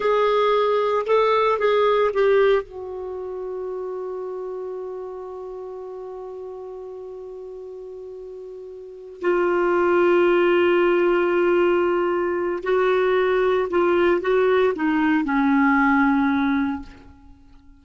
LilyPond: \new Staff \with { instrumentName = "clarinet" } { \time 4/4 \tempo 4 = 114 gis'2 a'4 gis'4 | g'4 fis'2.~ | fis'1~ | fis'1~ |
fis'4. f'2~ f'8~ | f'1 | fis'2 f'4 fis'4 | dis'4 cis'2. | }